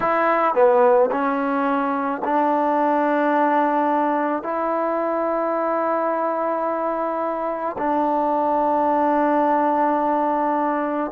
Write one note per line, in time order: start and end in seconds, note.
0.00 0.54 E4
0.54 1.10 B3
1.11 2.22 C#4
2.24 4.42 D4
4.42 7.76 E4
7.78 11.11 D4